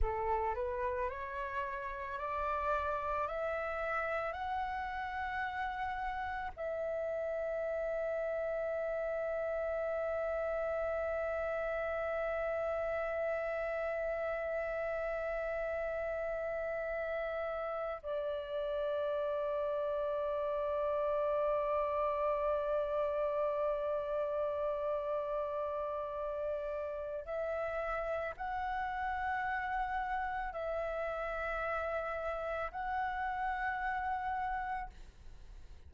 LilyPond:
\new Staff \with { instrumentName = "flute" } { \time 4/4 \tempo 4 = 55 a'8 b'8 cis''4 d''4 e''4 | fis''2 e''2~ | e''1~ | e''1~ |
e''8 d''2.~ d''8~ | d''1~ | d''4 e''4 fis''2 | e''2 fis''2 | }